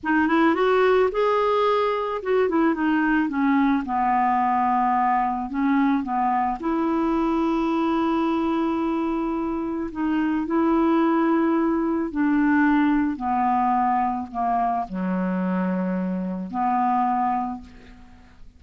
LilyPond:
\new Staff \with { instrumentName = "clarinet" } { \time 4/4 \tempo 4 = 109 dis'8 e'8 fis'4 gis'2 | fis'8 e'8 dis'4 cis'4 b4~ | b2 cis'4 b4 | e'1~ |
e'2 dis'4 e'4~ | e'2 d'2 | b2 ais4 fis4~ | fis2 b2 | }